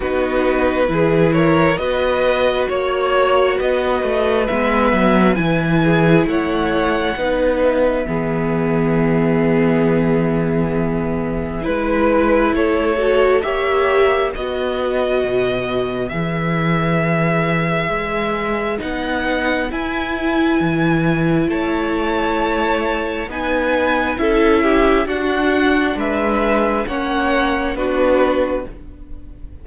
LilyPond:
<<
  \new Staff \with { instrumentName = "violin" } { \time 4/4 \tempo 4 = 67 b'4. cis''8 dis''4 cis''4 | dis''4 e''4 gis''4 fis''4~ | fis''8 e''2.~ e''8~ | e''4 b'4 cis''4 e''4 |
dis''2 e''2~ | e''4 fis''4 gis''2 | a''2 gis''4 e''4 | fis''4 e''4 fis''4 b'4 | }
  \new Staff \with { instrumentName = "violin" } { \time 4/4 fis'4 gis'8 ais'8 b'4 cis''4 | b'2~ b'8 gis'8 cis''4 | b'4 gis'2.~ | gis'4 b'4 a'4 cis''4 |
b'1~ | b'1 | cis''2 b'4 a'8 g'8 | fis'4 b'4 cis''4 fis'4 | }
  \new Staff \with { instrumentName = "viola" } { \time 4/4 dis'4 e'4 fis'2~ | fis'4 b4 e'2 | dis'4 b2.~ | b4 e'4. fis'8 g'4 |
fis'2 gis'2~ | gis'4 dis'4 e'2~ | e'2 dis'4 e'4 | d'2 cis'4 d'4 | }
  \new Staff \with { instrumentName = "cello" } { \time 4/4 b4 e4 b4 ais4 | b8 a8 gis8 fis8 e4 a4 | b4 e2.~ | e4 gis4 a4 ais4 |
b4 b,4 e2 | gis4 b4 e'4 e4 | a2 b4 cis'4 | d'4 gis4 ais4 b4 | }
>>